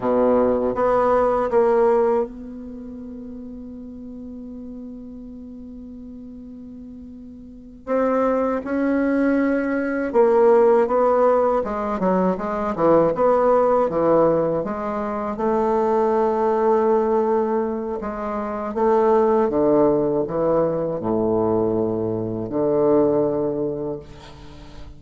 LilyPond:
\new Staff \with { instrumentName = "bassoon" } { \time 4/4 \tempo 4 = 80 b,4 b4 ais4 b4~ | b1~ | b2~ b8 c'4 cis'8~ | cis'4. ais4 b4 gis8 |
fis8 gis8 e8 b4 e4 gis8~ | gis8 a2.~ a8 | gis4 a4 d4 e4 | a,2 d2 | }